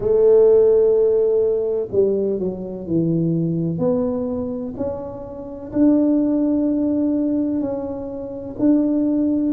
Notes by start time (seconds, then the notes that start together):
0.00 A3
1.91 G3
2.39 F#3
2.87 E3
3.78 B3
4.76 C#4
5.72 D4
7.60 C#4
8.59 D4